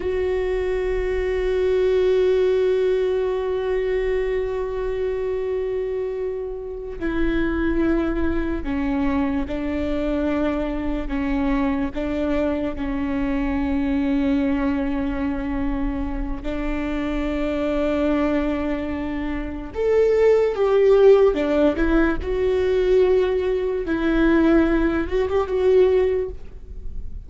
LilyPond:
\new Staff \with { instrumentName = "viola" } { \time 4/4 \tempo 4 = 73 fis'1~ | fis'1~ | fis'8 e'2 cis'4 d'8~ | d'4. cis'4 d'4 cis'8~ |
cis'1 | d'1 | a'4 g'4 d'8 e'8 fis'4~ | fis'4 e'4. fis'16 g'16 fis'4 | }